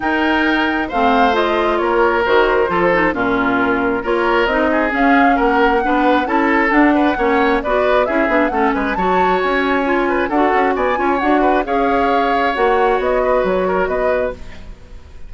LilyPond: <<
  \new Staff \with { instrumentName = "flute" } { \time 4/4 \tempo 4 = 134 g''2 f''4 dis''4 | cis''4 c''2 ais'4~ | ais'4 cis''4 dis''4 f''4 | fis''2 a''4 fis''4~ |
fis''4 d''4 e''4 fis''8 gis''8 | a''4 gis''2 fis''4 | gis''4 fis''4 f''2 | fis''4 dis''4 cis''4 dis''4 | }
  \new Staff \with { instrumentName = "oboe" } { \time 4/4 ais'2 c''2 | ais'2 a'4 f'4~ | f'4 ais'4. gis'4. | ais'4 b'4 a'4. b'8 |
cis''4 b'4 gis'4 a'8 b'8 | cis''2~ cis''8 b'8 a'4 | d''8 cis''4 b'8 cis''2~ | cis''4. b'4 ais'8 b'4 | }
  \new Staff \with { instrumentName = "clarinet" } { \time 4/4 dis'2 c'4 f'4~ | f'4 fis'4 f'8 dis'8 cis'4~ | cis'4 f'4 dis'4 cis'4~ | cis'4 d'4 e'4 d'4 |
cis'4 fis'4 e'8 d'8 cis'4 | fis'2 f'4 fis'4~ | fis'8 f'8 fis'4 gis'2 | fis'1 | }
  \new Staff \with { instrumentName = "bassoon" } { \time 4/4 dis'2 a2 | ais4 dis4 f4 ais,4~ | ais,4 ais4 c'4 cis'4 | ais4 b4 cis'4 d'4 |
ais4 b4 cis'8 b8 a8 gis8 | fis4 cis'2 d'8 cis'8 | b8 cis'8 d'4 cis'2 | ais4 b4 fis4 b4 | }
>>